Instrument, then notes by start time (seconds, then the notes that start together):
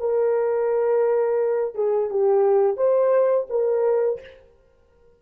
horn
0.00 A#4
1.75 G#4
2.10 G4
2.77 C5
3.50 A#4